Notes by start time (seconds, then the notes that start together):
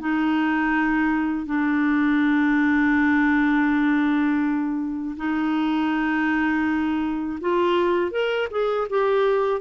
0.00 D#4
1.46 D4
5.17 D#4
7.41 F4
8.11 A#4
8.51 G#4
8.90 G4